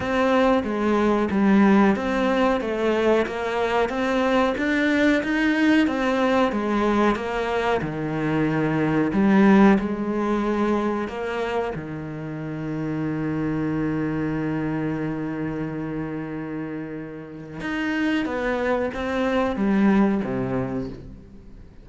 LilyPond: \new Staff \with { instrumentName = "cello" } { \time 4/4 \tempo 4 = 92 c'4 gis4 g4 c'4 | a4 ais4 c'4 d'4 | dis'4 c'4 gis4 ais4 | dis2 g4 gis4~ |
gis4 ais4 dis2~ | dis1~ | dis2. dis'4 | b4 c'4 g4 c4 | }